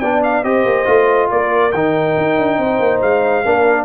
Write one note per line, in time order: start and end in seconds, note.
0.00 0.43 B3
0.00 0.44 D4
0.00 0.43 D5
0.00 0.21 G5
0.24 0.44 F5
0.43 0.65 C4
0.43 0.86 G4
0.43 1.29 C5
0.43 1.30 D#5
0.65 0.86 A#3
0.86 1.30 A3
0.86 1.71 F4
1.31 1.74 A#3
1.31 2.59 A#4
1.31 1.72 D5
1.72 2.16 D#3
1.72 3.45 D#4
1.72 3.00 G5
2.17 2.38 D#4
2.38 2.58 D4
2.58 2.79 C4
2.58 3.44 C5
2.80 3.01 A#3
3.02 3.45 G#3
3.02 3.85 F5
3.44 3.85 A#3
3.44 3.85 D4
3.44 3.85 A#4